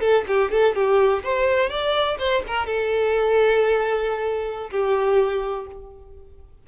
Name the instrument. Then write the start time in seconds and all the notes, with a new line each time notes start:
violin
0.00 A4
0.28 G4
0.51 A4
0.75 G4
1.23 C5
1.70 D5
2.19 C5
2.48 A#4
2.66 A4
4.71 G4